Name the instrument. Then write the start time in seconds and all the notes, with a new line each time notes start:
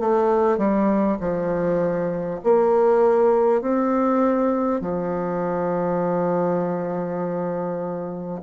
bassoon
0.00 A3
0.58 G3
1.21 F3
2.44 A#3
3.62 C4
4.81 F3